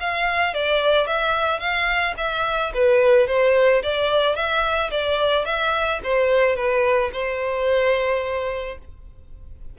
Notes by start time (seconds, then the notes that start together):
0.00 F5
0.54 D5
1.07 E5
1.60 F5
2.17 E5
2.74 B4
3.27 C5
3.83 D5
4.36 E5
4.91 D5
5.45 E5
6.04 C5
6.56 B4
7.13 C5